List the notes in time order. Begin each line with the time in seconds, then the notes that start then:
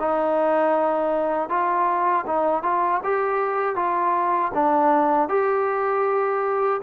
0.00 D#4
1.50 F4
2.27 D#4
2.63 F4
3.04 G4
3.76 F4
4.54 D4
5.30 G4